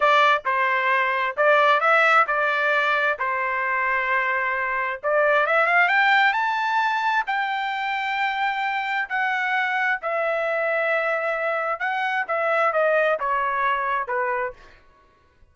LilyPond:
\new Staff \with { instrumentName = "trumpet" } { \time 4/4 \tempo 4 = 132 d''4 c''2 d''4 | e''4 d''2 c''4~ | c''2. d''4 | e''8 f''8 g''4 a''2 |
g''1 | fis''2 e''2~ | e''2 fis''4 e''4 | dis''4 cis''2 b'4 | }